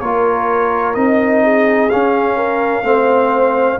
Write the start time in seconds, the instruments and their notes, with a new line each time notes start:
0.00 tuba A#3, trombone F4, horn A#4, trumpet C#5
0.94 tuba C4, trombone D#4, trumpet D#5
1.44 horn G#4
1.90 trombone C#4, tuba C#4, trumpet F5
2.36 horn A#4
2.82 tuba A3, trombone C4, horn C5